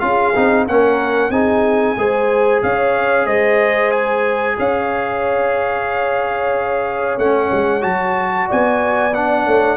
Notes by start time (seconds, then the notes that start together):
0.00 C#4 F4 G#4 F5
0.36 C4 D#4
0.67 A#3 C#4 A#4 F#5
1.30 C4 D#4 G#4 G#5
1.97 G#3 G#4 C5
2.63 C#4 C#5 F5
3.26 G#3 C5 D#5
3.92 G#5
4.58 C#4 C#5 F5
7.18 A3 C#4 F#5
7.52 G#3
7.81 F#3 F#4 A5
8.47 B3 D5 G#5
9.14 D4 F#5
9.45 A3 C#5